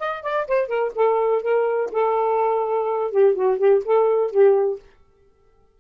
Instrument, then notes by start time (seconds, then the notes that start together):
saxophone
0.00 D#5
0.23 D5
0.48 C5
0.68 A#4
0.96 A4
1.43 A#4
1.92 A4
3.12 G4
3.35 F#4
3.59 G4
3.85 A4
4.31 G4